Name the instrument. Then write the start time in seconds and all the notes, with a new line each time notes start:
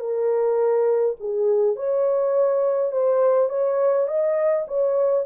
horn
0.00 A#4
1.20 G#4
1.77 C#5
2.93 C5
3.50 C#5
4.08 D#5
4.68 C#5